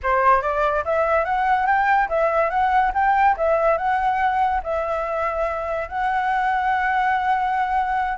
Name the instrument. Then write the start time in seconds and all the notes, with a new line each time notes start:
flute
0.02 C5
0.42 D5
0.84 E5
1.25 F#5
1.66 G5
2.09 E5
2.50 F#5
2.94 G5
3.37 E5
3.77 F#5
4.63 E5
5.88 F#5